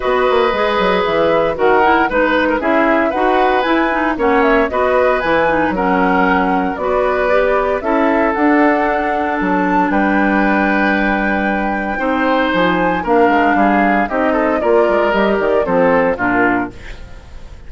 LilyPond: <<
  \new Staff \with { instrumentName = "flute" } { \time 4/4 \tempo 4 = 115 dis''2 e''4 fis''4 | b'4 e''4 fis''4 gis''4 | fis''8 e''8 dis''4 gis''4 fis''4~ | fis''4 d''2 e''4 |
fis''2 a''4 g''4~ | g''1 | gis''4 f''2 dis''4 | d''4 dis''8 d''8 c''4 ais'4 | }
  \new Staff \with { instrumentName = "oboe" } { \time 4/4 b'2. ais'4 | b'8. ais'16 gis'4 b'2 | cis''4 b'2 ais'4~ | ais'4 b'2 a'4~ |
a'2. b'4~ | b'2. c''4~ | c''4 ais'4 gis'4 g'8 a'8 | ais'2 a'4 f'4 | }
  \new Staff \with { instrumentName = "clarinet" } { \time 4/4 fis'4 gis'2 fis'8 e'8 | dis'4 e'4 fis'4 e'8 dis'8 | cis'4 fis'4 e'8 dis'8 cis'4~ | cis'4 fis'4 g'4 e'4 |
d'1~ | d'2. dis'4~ | dis'4 d'2 dis'4 | f'4 g'4 c'4 d'4 | }
  \new Staff \with { instrumentName = "bassoon" } { \time 4/4 b8 ais8 gis8 fis8 e4 dis4 | gis4 cis'4 dis'4 e'4 | ais4 b4 e4 fis4~ | fis4 b2 cis'4 |
d'2 fis4 g4~ | g2. c'4 | f4 ais8 gis8 g4 c'4 | ais8 gis8 g8 dis8 f4 ais,4 | }
>>